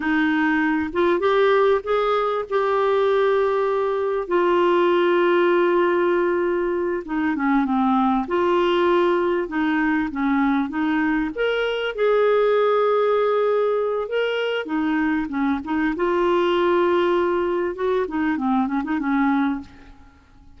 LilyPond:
\new Staff \with { instrumentName = "clarinet" } { \time 4/4 \tempo 4 = 98 dis'4. f'8 g'4 gis'4 | g'2. f'4~ | f'2.~ f'8 dis'8 | cis'8 c'4 f'2 dis'8~ |
dis'8 cis'4 dis'4 ais'4 gis'8~ | gis'2. ais'4 | dis'4 cis'8 dis'8 f'2~ | f'4 fis'8 dis'8 c'8 cis'16 dis'16 cis'4 | }